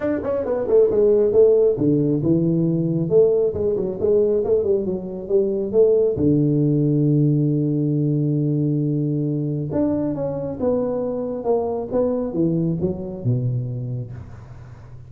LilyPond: \new Staff \with { instrumentName = "tuba" } { \time 4/4 \tempo 4 = 136 d'8 cis'8 b8 a8 gis4 a4 | d4 e2 a4 | gis8 fis8 gis4 a8 g8 fis4 | g4 a4 d2~ |
d1~ | d2 d'4 cis'4 | b2 ais4 b4 | e4 fis4 b,2 | }